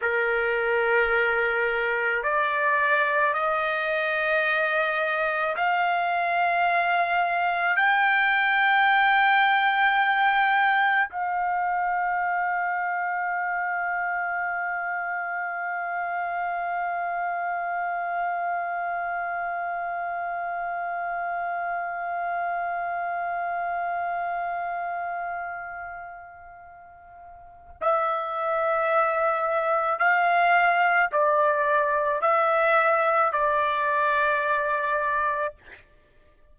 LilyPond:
\new Staff \with { instrumentName = "trumpet" } { \time 4/4 \tempo 4 = 54 ais'2 d''4 dis''4~ | dis''4 f''2 g''4~ | g''2 f''2~ | f''1~ |
f''1~ | f''1~ | f''4 e''2 f''4 | d''4 e''4 d''2 | }